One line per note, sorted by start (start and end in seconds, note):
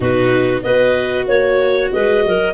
0.00 0.63 B2
0.00 0.63 D#4
0.00 0.61 F#4
0.00 0.62 B4
0.62 1.27 B3
0.62 2.54 F#4
0.62 1.27 B4
0.62 1.26 D#5
1.27 1.91 A#3
1.27 1.91 C#5
1.92 2.25 G#3
1.92 2.25 B4
1.92 2.54 D#5
2.25 2.54 F#3
2.25 2.54 A#4